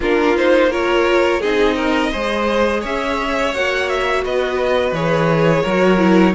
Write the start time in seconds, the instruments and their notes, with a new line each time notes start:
0.00 cello A#3, viola D4, violin F4 A#4
0.36 viola D#4, violin C5
0.70 viola F4, violin A#4 C#5
1.40 cello C4, viola D#4, violin G#4 D#5
1.75 violin A#4
2.11 cello G#3, viola G#4, violin C5
2.81 cello C#4, violin C#5 E5
3.54 cello A#3, viola F#4, violin F#5
3.88 violin E5
4.24 cello B3, violin B4 D#5
4.92 cello E3, viola G#4, violin C#5
5.62 cello F#3, viola F#4, violin A#4
5.97 viola E4